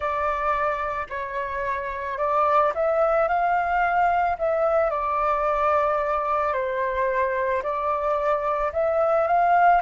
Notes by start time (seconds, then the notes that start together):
0.00 D5
1.09 C#5
2.18 D5
2.74 E5
3.27 F5
4.38 E5
4.90 D5
6.53 C5
7.63 D5
8.72 E5
9.27 F5